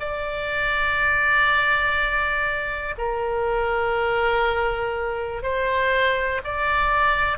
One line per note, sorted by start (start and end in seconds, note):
0.00 2.95 D5
2.98 5.43 A#4
5.43 6.41 C5
6.44 7.38 D5